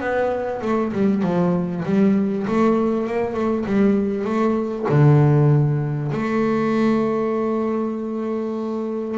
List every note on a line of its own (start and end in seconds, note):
0.00 0.61 B3
0.62 0.93 A3
0.93 1.23 G3
1.23 1.84 F3
1.85 2.47 G3
2.48 3.07 A3
3.07 3.34 A#3
3.34 3.65 A3
3.66 4.25 G3
4.25 4.86 A3
4.90 6.12 D3
6.12 9.18 A3